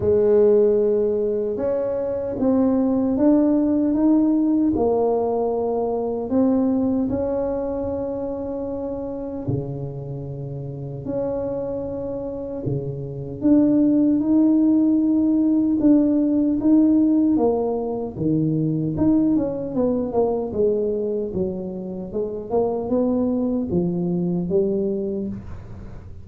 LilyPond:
\new Staff \with { instrumentName = "tuba" } { \time 4/4 \tempo 4 = 76 gis2 cis'4 c'4 | d'4 dis'4 ais2 | c'4 cis'2. | cis2 cis'2 |
cis4 d'4 dis'2 | d'4 dis'4 ais4 dis4 | dis'8 cis'8 b8 ais8 gis4 fis4 | gis8 ais8 b4 f4 g4 | }